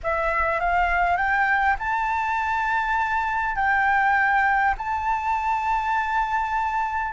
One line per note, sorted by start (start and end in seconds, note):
0.03 0.59 E5
0.59 1.17 F5
1.17 1.76 G5
1.78 3.55 A5
3.55 4.74 G5
4.77 7.12 A5